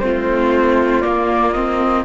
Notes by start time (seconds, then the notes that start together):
0.00 A3 C4 F4 C5
1.01 A#3 D5
1.52 C4 D#5